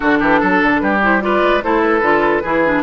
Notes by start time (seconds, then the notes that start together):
0.00 D3 D4 F#4 A4
0.19 E3 G4
0.40 F#3 A4
0.62 D3
0.78 G3 G4 B4
1.01 E4 C5
1.21 F4 B4 D5
1.42 G#3
1.62 A3 E4 A4 C5
1.81 B4
2.01 D3 F4
2.42 E3 E4 G#4
2.65 D4